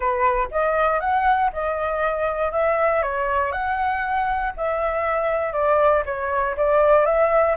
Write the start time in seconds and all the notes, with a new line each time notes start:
0.00 B4
0.51 D#5
1.00 F#5
1.52 D#5
2.52 E5
3.02 C#5
3.52 F#5
4.56 E5
5.53 D5
6.05 C#5
6.56 D5
7.05 E5